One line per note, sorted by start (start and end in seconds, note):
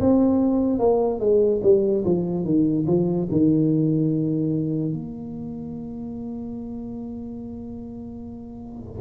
0.00 0.79 C4
0.79 1.20 A#3
1.20 1.61 G#3
1.63 2.04 G3
2.05 2.44 F3
2.44 2.85 D#3
2.87 3.28 F3
3.31 4.93 D#3
4.93 9.01 A#3